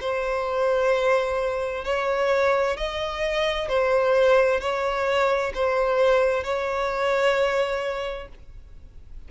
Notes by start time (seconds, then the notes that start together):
0.00 C5
1.84 C#5
2.77 D#5
3.68 C5
4.60 C#5
5.54 C5
6.43 C#5